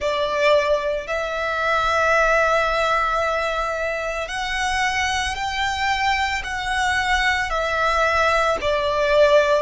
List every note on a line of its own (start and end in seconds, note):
0.00 1.07 D5
1.07 4.28 E5
4.28 5.35 F#5
5.35 6.42 G5
6.43 7.50 F#5
7.50 8.57 E5
8.61 9.62 D5